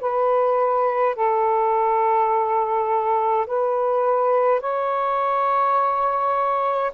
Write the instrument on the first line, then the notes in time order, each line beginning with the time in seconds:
saxophone
0.00 B4
1.15 A4
3.46 B4
4.60 C#5